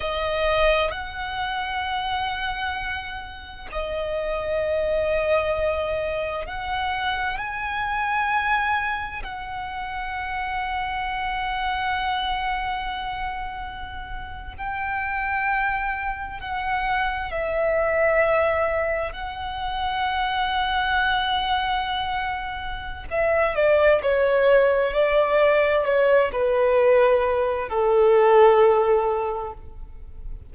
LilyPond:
\new Staff \with { instrumentName = "violin" } { \time 4/4 \tempo 4 = 65 dis''4 fis''2. | dis''2. fis''4 | gis''2 fis''2~ | fis''2.~ fis''8. g''16~ |
g''4.~ g''16 fis''4 e''4~ e''16~ | e''8. fis''2.~ fis''16~ | fis''4 e''8 d''8 cis''4 d''4 | cis''8 b'4. a'2 | }